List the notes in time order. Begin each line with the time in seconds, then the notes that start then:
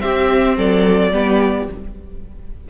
0.00 C4 G4 E5
0.57 F#3 A4 D5
1.12 G3 B3 G4